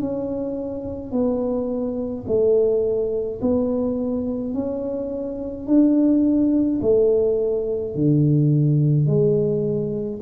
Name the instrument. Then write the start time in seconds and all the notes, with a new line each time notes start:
tuba
0.00 C#4
1.11 B3
2.27 A3
3.41 B3
4.54 C#4
5.67 D4
6.81 A3
7.95 D3
9.07 G#3